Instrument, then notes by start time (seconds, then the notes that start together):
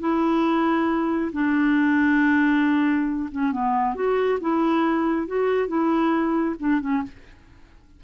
clarinet
0.00 E4
1.33 D4
3.31 C#4
3.52 B3
3.95 F#4
4.41 E4
5.27 F#4
5.68 E4
6.60 D4
6.81 C#4